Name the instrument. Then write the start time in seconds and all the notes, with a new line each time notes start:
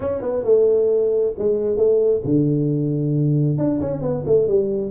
tuba
0.00 C#4
0.21 B3
0.44 A3
1.38 G#3
1.77 A3
2.24 D3
3.57 D4
3.81 C#4
4.01 B3
4.26 A3
4.47 G3